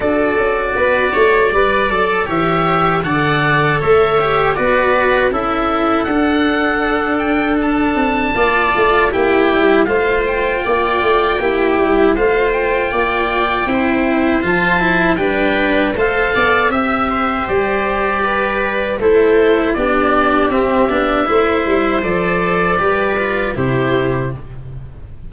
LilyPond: <<
  \new Staff \with { instrumentName = "oboe" } { \time 4/4 \tempo 4 = 79 d''2. e''4 | fis''4 e''4 d''4 e''4 | fis''4. g''8 a''2 | g''4 f''8 g''2~ g''8 |
f''8 g''2~ g''8 a''4 | g''4 f''4 e''4 d''4~ | d''4 c''4 d''4 e''4~ | e''4 d''2 c''4 | }
  \new Staff \with { instrumentName = "viola" } { \time 4/4 a'4 b'8 cis''8 d''4 cis''4 | d''4 cis''4 b'4 a'4~ | a'2. d''4 | g'4 c''4 d''4 g'4 |
c''4 d''4 c''2 | b'4 c''8 d''8 e''8 c''4. | b'4 a'4 g'2 | c''2 b'4 g'4 | }
  \new Staff \with { instrumentName = "cello" } { \time 4/4 fis'2 b'8 a'8 g'4 | a'4. g'8 fis'4 e'4 | d'2. f'4 | e'4 f'2 e'4 |
f'2 e'4 f'8 e'8 | d'4 a'4 g'2~ | g'4 e'4 d'4 c'8 d'8 | e'4 a'4 g'8 f'8 e'4 | }
  \new Staff \with { instrumentName = "tuba" } { \time 4/4 d'8 cis'8 b8 a8 g8 fis8 e4 | d4 a4 b4 cis'4 | d'2~ d'8 c'8 ais8 a8 | ais8 g8 a4 ais8 a8 ais8 g8 |
a4 ais4 c'4 f4 | g4 a8 b8 c'4 g4~ | g4 a4 b4 c'8 b8 | a8 g8 f4 g4 c4 | }
>>